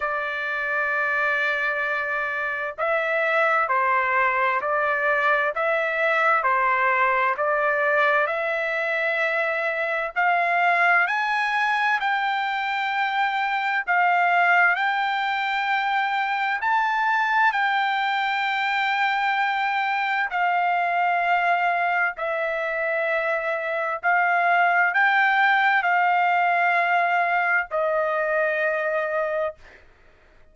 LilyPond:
\new Staff \with { instrumentName = "trumpet" } { \time 4/4 \tempo 4 = 65 d''2. e''4 | c''4 d''4 e''4 c''4 | d''4 e''2 f''4 | gis''4 g''2 f''4 |
g''2 a''4 g''4~ | g''2 f''2 | e''2 f''4 g''4 | f''2 dis''2 | }